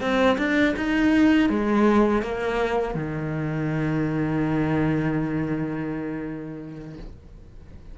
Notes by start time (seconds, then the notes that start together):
0.00 C4
0.38 D4
0.76 D#4
1.49 G#3
2.22 A#3
2.94 D#3